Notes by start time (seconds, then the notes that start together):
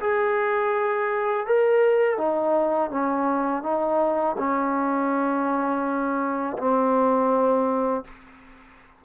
0.00 G#4
1.46 A#4
2.18 D#4
2.91 C#4
3.63 D#4
4.38 C#4
6.58 C4